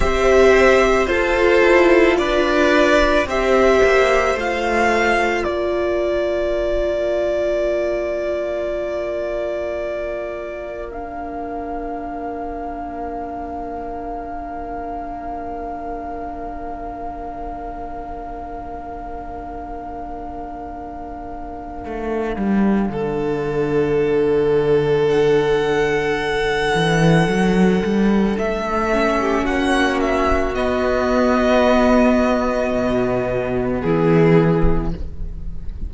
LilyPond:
<<
  \new Staff \with { instrumentName = "violin" } { \time 4/4 \tempo 4 = 55 e''4 c''4 d''4 e''4 | f''4 d''2.~ | d''2 f''2~ | f''1~ |
f''1~ | f''2. fis''4~ | fis''2 e''4 fis''8 e''8 | dis''2. gis'4 | }
  \new Staff \with { instrumentName = "violin" } { \time 4/4 c''4 a'4 b'4 c''4~ | c''4 ais'2.~ | ais'1~ | ais'1~ |
ais'1~ | ais'4 a'2.~ | a'2~ a'8. g'16 fis'4~ | fis'2. e'4 | }
  \new Staff \with { instrumentName = "viola" } { \time 4/4 g'4 f'2 g'4 | f'1~ | f'2 d'2~ | d'1~ |
d'1~ | d'1~ | d'2~ d'8 cis'4. | b1 | }
  \new Staff \with { instrumentName = "cello" } { \time 4/4 c'4 f'8 e'8 d'4 c'8 ais8 | a4 ais2.~ | ais1~ | ais1~ |
ais1 | a8 g8 d2.~ | d8 e8 fis8 g8 a4 ais4 | b2 b,4 e4 | }
>>